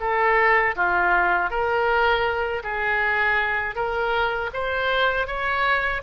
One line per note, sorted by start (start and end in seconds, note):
0.00 0.75 A4
0.76 1.50 F4
1.50 2.63 A#4
2.64 3.75 G#4
3.75 4.50 A#4
4.53 5.27 C5
5.27 6.02 C#5